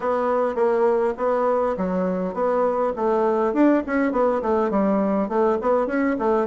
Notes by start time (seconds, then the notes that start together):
0.00 B3
0.55 A#3
1.17 B3
1.77 F#3
2.34 B3
2.96 A3
3.53 D4
3.86 C#4
4.12 B3
4.42 A3
4.70 G3
5.28 A3
5.61 B3
5.87 C#4
6.18 A3